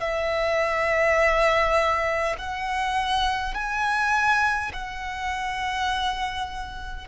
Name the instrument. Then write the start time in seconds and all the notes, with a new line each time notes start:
violin
0.00 E5
2.38 F#5
3.54 G#5
4.73 F#5